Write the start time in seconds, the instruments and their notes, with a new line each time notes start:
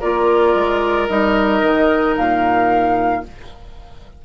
0.00 bassoon A#3, clarinet F4, oboe A#4, flute D5
0.55 bassoon G#3
1.09 bassoon G3, clarinet D#4, flute D#5
1.62 bassoon D#3
2.17 bassoon A#2, flute F5